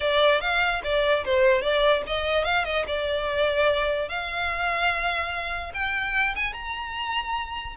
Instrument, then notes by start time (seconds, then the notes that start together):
violin
0.00 D5
0.40 F5
0.83 D5
1.24 C5
1.61 D5
2.06 D#5
2.44 F5
2.65 D#5
2.87 D5
4.08 F5
5.74 G5
6.35 G#5
6.53 A#5